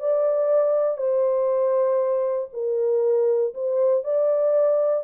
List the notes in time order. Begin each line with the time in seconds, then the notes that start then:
0.00 D5
0.98 C5
2.53 A#4
3.54 C5
4.04 D5